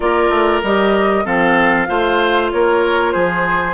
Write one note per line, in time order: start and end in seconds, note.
0.00 0.29 A#3
0.00 0.62 F4
0.00 1.25 A#4
0.00 0.61 D5
0.29 0.61 A3
0.62 1.25 G3
0.62 1.24 G4
0.62 1.25 D#5
1.24 1.88 F3
1.24 1.87 C4
1.24 1.87 A4
1.24 2.50 F5
1.87 2.51 A3
1.87 3.74 F4
1.87 2.51 C5
2.51 3.14 A#3
2.51 3.13 A#4
2.51 3.11 C#5
3.11 3.74 F3
3.11 3.74 G#4
3.11 3.74 C5